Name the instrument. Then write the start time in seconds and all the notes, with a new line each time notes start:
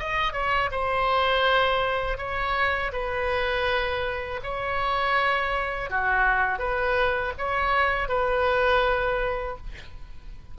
oboe
0.00 D#5
0.33 C#5
0.72 C5
2.18 C#5
2.93 B4
4.43 C#5
5.91 F#4
6.59 B4
7.39 C#5
8.09 B4